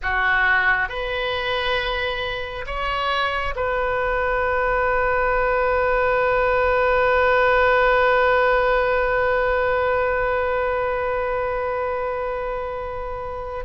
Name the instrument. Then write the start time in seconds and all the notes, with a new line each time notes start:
oboe
0.02 F#4
0.88 B4
2.66 C#5
3.55 B4